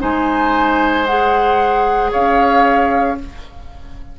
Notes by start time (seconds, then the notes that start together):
0.00 G#3 D#4 C5 G#5
1.06 G#4 F#5
2.12 C#4 C#5 F5